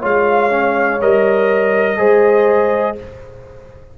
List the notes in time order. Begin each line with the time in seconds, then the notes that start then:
0.00 G#3 F4 C#5 F5
0.50 C#4
1.02 G3 A#4 D#5
1.98 G#3 G#4 C5